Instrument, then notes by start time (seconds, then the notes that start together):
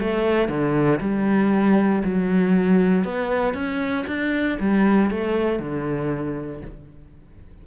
cello
0.00 A3
0.48 D3
1.01 G3
2.04 F#3
3.05 B3
3.54 C#4
4.07 D4
4.60 G3
5.10 A3
5.59 D3